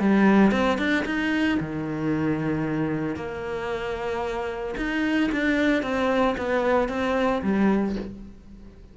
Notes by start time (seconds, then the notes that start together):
0.00 G3
0.52 C4
0.78 D4
1.06 D#4
1.60 D#3
3.16 A#3
4.77 D#4
5.32 D4
5.83 C4
6.38 B3
6.89 C4
7.43 G3